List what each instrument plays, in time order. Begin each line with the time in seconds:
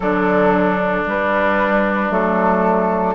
0.00 bassoon D3, clarinet F#3, oboe D4, flute A4
1.05 clarinet G3, bassoon G3, flute B4
2.09 bassoon F#3, clarinet A3, flute A4